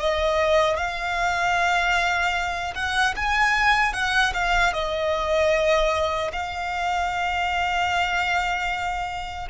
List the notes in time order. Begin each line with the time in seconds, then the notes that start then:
0.00 D#5
0.77 F5
2.75 F#5
3.16 G#5
3.94 F#5
4.34 F5
4.74 D#5
6.33 F5